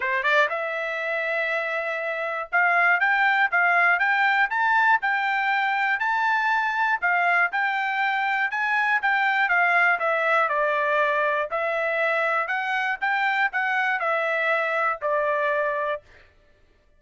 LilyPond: \new Staff \with { instrumentName = "trumpet" } { \time 4/4 \tempo 4 = 120 c''8 d''8 e''2.~ | e''4 f''4 g''4 f''4 | g''4 a''4 g''2 | a''2 f''4 g''4~ |
g''4 gis''4 g''4 f''4 | e''4 d''2 e''4~ | e''4 fis''4 g''4 fis''4 | e''2 d''2 | }